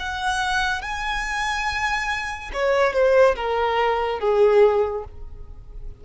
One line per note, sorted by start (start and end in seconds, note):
0.00 0.82 F#5
0.82 2.51 G#5
2.54 2.93 C#5
2.93 3.36 C5
3.36 4.20 A#4
4.20 5.05 G#4